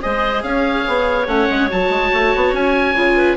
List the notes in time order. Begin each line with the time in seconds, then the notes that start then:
0.00 G#3 G#4 C5 D#5
0.42 C#4 C#5 F5
0.87 B3
1.27 A3 C#4 F#5
1.49 G#3
1.69 F#3 F#4 A5
1.89 G#3
2.13 A3
2.35 B3
2.52 C#4 G#5
2.95 C#3 F4
3.16 B4